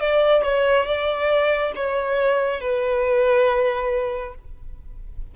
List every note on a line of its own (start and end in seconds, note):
0.00 0.43 D5
0.43 0.86 C#5
0.86 1.73 D5
1.75 2.60 C#5
2.60 4.34 B4